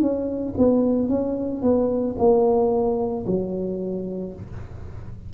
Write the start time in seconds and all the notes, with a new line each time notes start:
0.00 C#4
0.57 B3
1.08 C#4
1.62 B3
2.18 A#3
3.26 F#3